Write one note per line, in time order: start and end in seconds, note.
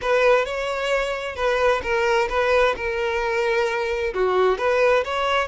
0.01 0.45 B4
0.45 1.35 C#5
1.35 1.81 B4
1.82 2.28 A#4
2.29 2.75 B4
2.76 4.13 A#4
4.14 4.58 F#4
4.58 5.04 B4
5.04 5.47 C#5